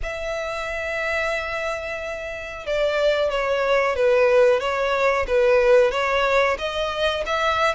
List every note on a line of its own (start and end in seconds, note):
0.02 2.66 E5
2.66 3.30 D5
3.30 3.95 C#5
3.95 4.60 B4
4.60 5.26 C#5
5.27 5.91 B4
5.91 6.57 C#5
6.58 7.24 D#5
7.26 7.74 E5